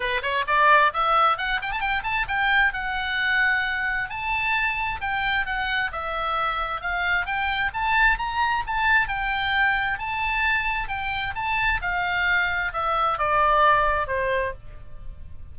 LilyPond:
\new Staff \with { instrumentName = "oboe" } { \time 4/4 \tempo 4 = 132 b'8 cis''8 d''4 e''4 fis''8 g''16 a''16 | g''8 a''8 g''4 fis''2~ | fis''4 a''2 g''4 | fis''4 e''2 f''4 |
g''4 a''4 ais''4 a''4 | g''2 a''2 | g''4 a''4 f''2 | e''4 d''2 c''4 | }